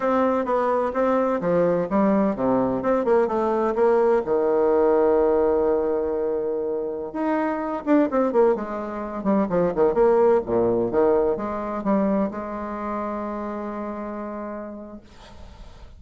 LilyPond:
\new Staff \with { instrumentName = "bassoon" } { \time 4/4 \tempo 4 = 128 c'4 b4 c'4 f4 | g4 c4 c'8 ais8 a4 | ais4 dis2.~ | dis2.~ dis16 dis'8.~ |
dis'8. d'8 c'8 ais8 gis4. g16~ | g16 f8 dis8 ais4 ais,4 dis8.~ | dis16 gis4 g4 gis4.~ gis16~ | gis1 | }